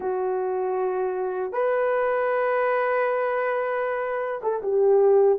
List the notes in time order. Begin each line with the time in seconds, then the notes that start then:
0.00 F#4
1.52 B4
4.42 A4
4.62 G4